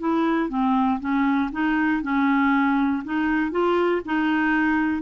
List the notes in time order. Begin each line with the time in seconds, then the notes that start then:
0.00 E4
0.50 C4
1.00 C#4
1.53 D#4
2.03 C#4
3.05 D#4
3.52 F4
4.05 D#4